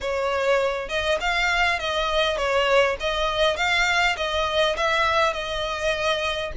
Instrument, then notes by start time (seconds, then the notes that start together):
violin
0.00 C#5
0.88 D#5
1.20 F5
1.79 D#5
2.37 C#5
3.00 D#5
3.56 F5
4.16 D#5
4.76 E5
5.33 D#5